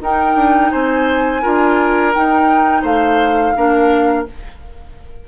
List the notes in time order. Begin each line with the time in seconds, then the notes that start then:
0.00 D#4 A#4 G5
0.35 D4
0.71 C4 C5 G#5
1.41 D4 F4 A#4
2.13 D#4 G5
2.82 A3 C5 F5
3.55 A#3 D4 A#4